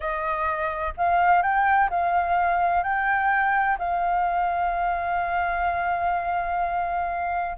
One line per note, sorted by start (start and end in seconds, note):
0.00 0.93 D#5
0.97 1.42 F5
1.42 1.89 G5
1.90 2.83 F5
2.83 3.77 G5
3.78 7.56 F5